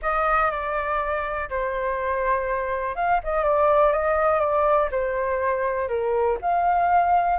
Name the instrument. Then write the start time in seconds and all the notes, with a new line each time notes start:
flute
0.02 D#5
0.51 D5
1.49 C5
2.95 F5
3.23 D#5
3.43 D5
3.92 D#5
4.40 D5
4.91 C5
5.88 A#4
6.41 F5